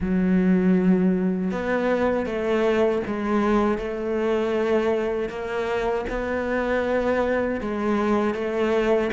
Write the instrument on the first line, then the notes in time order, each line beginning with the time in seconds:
cello
0.00 F#3
1.51 B3
2.26 A3
3.06 G#3
3.78 A3
5.29 A#3
6.09 B3
7.61 G#3
8.34 A3